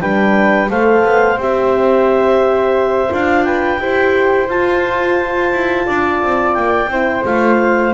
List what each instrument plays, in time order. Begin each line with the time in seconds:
0.00 double bass G3, horn D4, flute B4, clarinet G5
0.68 double bass A3, horn A4, flute C5, clarinet F5
1.04 double bass B3
1.37 double bass C4, horn G4, clarinet E5
3.09 double bass D4, horn F4, clarinet F5
3.44 flute B4, clarinet G5
3.79 double bass E4, horn G4, flute C5
4.48 double bass F4, horn F4, clarinet A5
5.52 double bass E4
5.86 double bass D4, flute D5
6.22 double bass C4
6.54 double bass A#3, clarinet G5
6.88 double bass C4, horn E4, flute C5
7.24 double bass A3, horn F4, clarinet F5